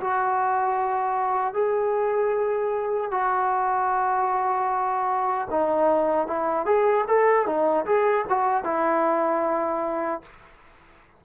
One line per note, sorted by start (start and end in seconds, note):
0.00 1.53 F#4
1.53 3.11 G#4
3.11 5.48 F#4
5.50 6.27 D#4
6.27 6.65 E4
6.65 7.04 G#4
7.07 7.46 A4
7.46 7.85 D#4
7.86 8.25 G#4
8.29 8.64 F#4
8.64 10.22 E4